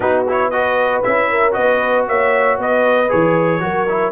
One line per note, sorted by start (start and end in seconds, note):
0.00 1.02 B3
0.00 0.25 D#4
0.00 0.51 F#4
0.00 0.24 B4
0.28 0.52 E4
0.28 0.50 C#5
0.50 1.03 F#4
0.50 1.30 B4
0.50 1.02 D#5
1.03 1.56 C#4
1.03 1.51 E4
1.03 1.53 E5
1.30 1.55 A#4
1.51 2.08 B3
1.51 3.06 F#4
1.51 2.07 B4
1.51 2.05 D#5
2.07 2.58 A#3
2.07 2.58 C#5
2.07 2.59 E5
2.58 3.10 B3
2.58 3.61 B4
2.58 3.10 D#5
3.09 3.61 E3
3.09 3.60 G#4
3.09 4.12 C#5
3.60 4.12 F#3
3.60 3.86 F#4
3.60 4.12 A#4
3.88 4.12 E4